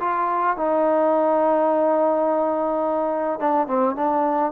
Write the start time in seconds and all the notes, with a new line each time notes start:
0.00 F4
0.56 D#4
3.39 D4
3.67 C4
3.95 D4